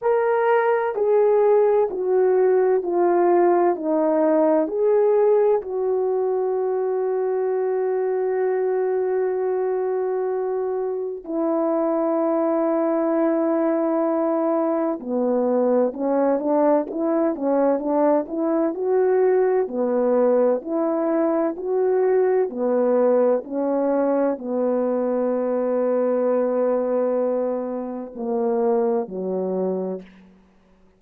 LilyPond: \new Staff \with { instrumentName = "horn" } { \time 4/4 \tempo 4 = 64 ais'4 gis'4 fis'4 f'4 | dis'4 gis'4 fis'2~ | fis'1 | e'1 |
b4 cis'8 d'8 e'8 cis'8 d'8 e'8 | fis'4 b4 e'4 fis'4 | b4 cis'4 b2~ | b2 ais4 fis4 | }